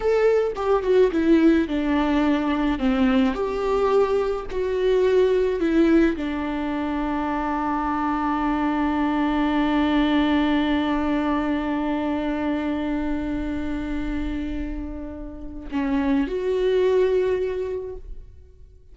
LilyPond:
\new Staff \with { instrumentName = "viola" } { \time 4/4 \tempo 4 = 107 a'4 g'8 fis'8 e'4 d'4~ | d'4 c'4 g'2 | fis'2 e'4 d'4~ | d'1~ |
d'1~ | d'1~ | d'1 | cis'4 fis'2. | }